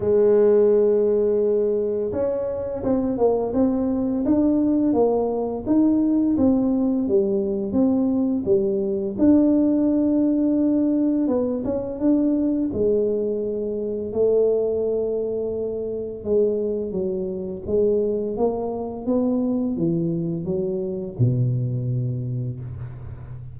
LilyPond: \new Staff \with { instrumentName = "tuba" } { \time 4/4 \tempo 4 = 85 gis2. cis'4 | c'8 ais8 c'4 d'4 ais4 | dis'4 c'4 g4 c'4 | g4 d'2. |
b8 cis'8 d'4 gis2 | a2. gis4 | fis4 gis4 ais4 b4 | e4 fis4 b,2 | }